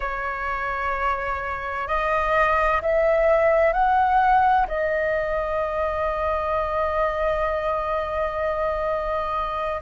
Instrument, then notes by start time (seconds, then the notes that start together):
flute
0.00 C#5
1.87 D#5
2.81 E5
3.72 F#5
4.67 D#5